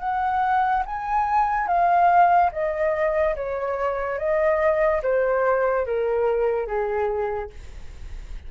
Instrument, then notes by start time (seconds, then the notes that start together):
flute
0.00 F#5
0.86 G#5
1.68 F5
2.52 D#5
3.36 C#5
4.19 D#5
5.03 C5
5.87 A#4
6.67 G#4